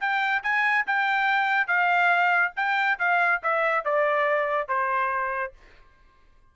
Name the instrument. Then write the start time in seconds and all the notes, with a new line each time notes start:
trumpet
0.00 G5
0.43 G#5
0.86 G5
1.67 F5
2.56 G5
2.99 F5
3.43 E5
3.85 D5
4.68 C5